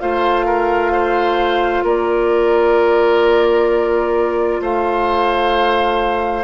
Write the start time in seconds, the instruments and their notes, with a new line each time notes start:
0.00 bassoon A3, clarinet F4, oboe C5, flute F5
0.46 oboe A#4
0.92 oboe C5
1.83 bassoon A#3, oboe A#4, flute D5
4.61 bassoon A3, oboe C5, flute F5